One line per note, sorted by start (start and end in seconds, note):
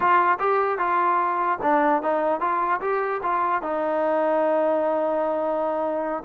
0.00 0.38 F4
0.39 0.78 G4
0.78 1.58 F4
1.62 2.02 D4
2.02 2.40 D#4
2.40 2.80 F4
2.81 3.21 G4
3.22 3.61 F4
3.61 6.23 D#4